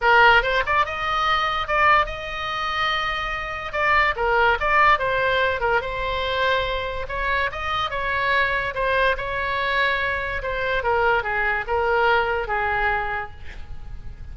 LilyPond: \new Staff \with { instrumentName = "oboe" } { \time 4/4 \tempo 4 = 144 ais'4 c''8 d''8 dis''2 | d''4 dis''2.~ | dis''4 d''4 ais'4 d''4 | c''4. ais'8 c''2~ |
c''4 cis''4 dis''4 cis''4~ | cis''4 c''4 cis''2~ | cis''4 c''4 ais'4 gis'4 | ais'2 gis'2 | }